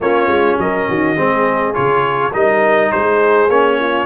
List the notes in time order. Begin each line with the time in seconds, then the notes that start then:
0.00 A#3 C#4 F4 C#5
0.27 G#3
0.58 F#3 A#4 D#5
0.89 D#3 F#4
1.16 G#3 C4 G#4
1.73 C#3 F4 C#5
2.32 G3 D#4 A#4 D#5
2.91 G#3 G#4 C5
3.48 A#3 C#4 C#5
3.80 F4